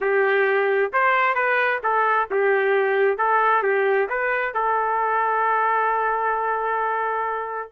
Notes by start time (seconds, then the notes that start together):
0.01 G4
0.93 C5
1.35 B4
1.83 A4
2.30 G4
3.17 A4
3.62 G4
4.09 B4
4.54 A4